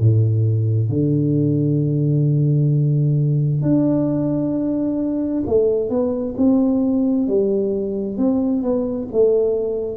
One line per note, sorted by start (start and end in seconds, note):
0.00 0.90 A2
0.90 3.62 D3
3.62 5.44 D4
5.47 5.90 A3
5.90 6.36 B3
6.38 7.28 C4
7.28 8.18 G3
8.18 8.63 C4
8.63 9.09 B3
9.13 9.98 A3